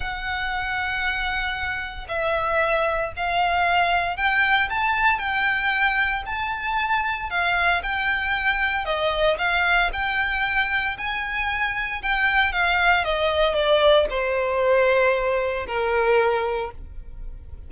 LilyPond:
\new Staff \with { instrumentName = "violin" } { \time 4/4 \tempo 4 = 115 fis''1 | e''2 f''2 | g''4 a''4 g''2 | a''2 f''4 g''4~ |
g''4 dis''4 f''4 g''4~ | g''4 gis''2 g''4 | f''4 dis''4 d''4 c''4~ | c''2 ais'2 | }